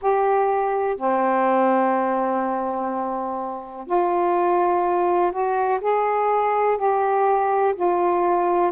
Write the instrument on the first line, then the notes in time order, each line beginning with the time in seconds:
saxophone
0.01 G4
0.96 C4
3.86 F4
5.31 F#4
5.80 G#4
6.77 G4
7.75 F4